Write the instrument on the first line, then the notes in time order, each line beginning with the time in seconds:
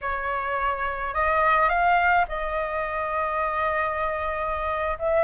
flute
0.01 C#5
1.14 D#5
1.69 F5
2.28 D#5
4.98 E5